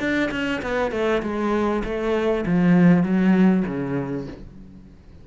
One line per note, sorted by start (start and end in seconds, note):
0.00 0.30 D4
0.32 0.62 C#4
0.62 0.92 B3
0.92 1.22 A3
1.23 1.83 G#3
1.85 2.45 A3
2.46 3.03 F3
3.03 3.64 F#3
3.67 4.28 C#3